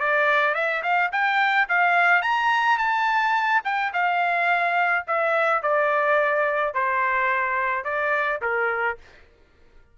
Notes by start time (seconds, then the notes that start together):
0.00 D5
0.55 E5
0.83 F5
1.12 G5
1.69 F5
2.23 A#5
2.78 A5
3.65 G5
3.94 F5
5.08 E5
5.63 D5
6.74 C5
7.85 D5
8.42 A#4